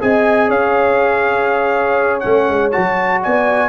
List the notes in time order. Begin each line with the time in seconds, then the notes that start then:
0.00 C4 G#4 D#5 G#5
0.49 C#4 C#5 F5
2.20 A3 C#4 F#5
2.48 G#3
2.71 F#3 F#4 A5
3.22 B3 D5 G#5